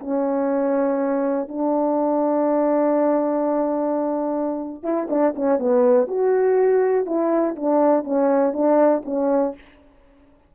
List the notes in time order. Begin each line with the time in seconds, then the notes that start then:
0.00 C#4
1.49 D4
4.83 E4
5.10 D4
5.36 C#4
5.59 B3
6.08 F#4
7.06 E4
7.56 D4
8.04 C#4
8.54 D4
9.05 C#4